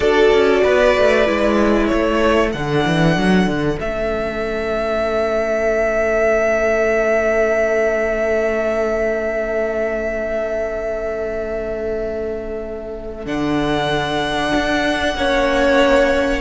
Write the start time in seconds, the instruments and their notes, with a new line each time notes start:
0.00 cello D4, viola F#4, violin A4 D5
0.32 cello C#4
0.63 cello B3, violin B4
0.97 cello A3
1.25 cello G#3, viola E4
1.86 cello A3, violin A4 C#5
2.52 cello D3, viola D4, violin F#5
2.86 cello E3
3.16 cello F#3
3.46 cello D3
3.79 cello A3, viola C#4, violin E5
13.25 cello D3, viola D4, violin F#5
14.55 cello D4
15.15 cello A#3, viola C#4, violin C#5